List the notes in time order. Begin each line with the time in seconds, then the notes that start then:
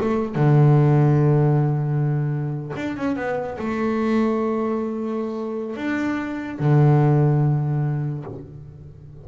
0.00 A3
0.35 D3
2.76 D4
2.96 C#4
3.16 B3
3.58 A3
5.76 D4
6.59 D3